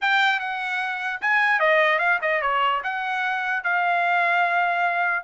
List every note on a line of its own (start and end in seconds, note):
0.01 0.39 G5
0.39 1.20 F#5
1.21 1.59 G#5
1.59 1.99 D#5
1.99 2.19 F5
2.21 2.41 D#5
2.41 2.82 C#5
2.83 3.63 F#5
3.63 5.23 F5